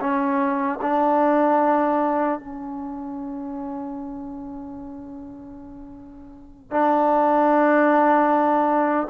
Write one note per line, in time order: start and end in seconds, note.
0.00 0.79 C#4
0.81 2.39 D4
2.39 6.71 C#4
6.71 9.08 D4